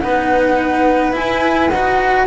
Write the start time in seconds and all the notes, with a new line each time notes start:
0.00 B3 D#4 B4 F#5
1.13 E4 G#5
1.70 D#4 F#4 F#5